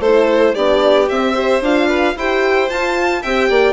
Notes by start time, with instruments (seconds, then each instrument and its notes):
0.00 bassoon A3, horn E4, violin A4 C5
0.54 bassoon B3, horn D4, violin G4 D5
1.09 horn C4, bassoon C4, violin E5
1.35 horn G4, violin C5
1.61 bassoon D4, horn F4, violin F5
1.88 violin B4
2.16 bassoon E4, horn G4, violin C5 G5
2.70 horn F4, bassoon F4, violin A5
3.22 bassoon C4, horn G4, violin E5 G5
3.50 bassoon A#3, violin D5